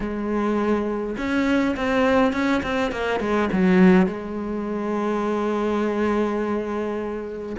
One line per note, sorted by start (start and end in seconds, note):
0.00 1.16 G#3
1.17 1.75 C#4
1.76 2.32 C4
2.32 2.62 C#4
2.62 2.91 C4
2.91 3.20 A#3
3.20 3.49 G#3
3.52 4.06 F#3
4.06 7.55 G#3